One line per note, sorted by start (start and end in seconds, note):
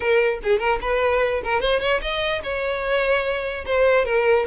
0.00 0.39 A#4
0.43 0.59 G#4
0.59 0.79 A#4
0.81 1.42 B4
1.44 1.60 A#4
1.60 1.80 C5
1.80 2.00 C#5
2.01 2.42 D#5
2.43 3.64 C#5
3.66 4.05 C5
4.05 4.45 A#4